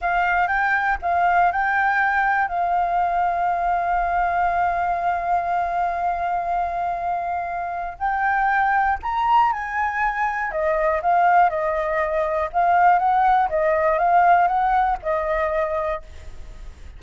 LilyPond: \new Staff \with { instrumentName = "flute" } { \time 4/4 \tempo 4 = 120 f''4 g''4 f''4 g''4~ | g''4 f''2.~ | f''1~ | f''1 |
g''2 ais''4 gis''4~ | gis''4 dis''4 f''4 dis''4~ | dis''4 f''4 fis''4 dis''4 | f''4 fis''4 dis''2 | }